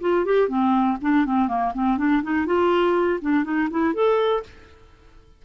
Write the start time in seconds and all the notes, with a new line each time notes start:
0.00 F4
0.25 G4
0.48 C4
1.01 D4
1.25 C4
1.48 A#3
1.73 C4
1.97 D4
2.22 D#4
2.46 F4
3.21 D4
3.44 D#4
3.70 E4
3.94 A4